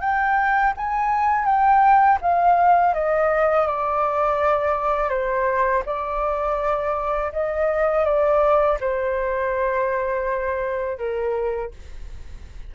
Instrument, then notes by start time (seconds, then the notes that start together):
flute
0.00 G5
0.76 G#5
1.45 G5
2.21 F5
2.94 D#5
3.67 D5
5.10 C5
5.85 D5
7.32 D#5
8.05 D5
8.80 C5
10.98 A#4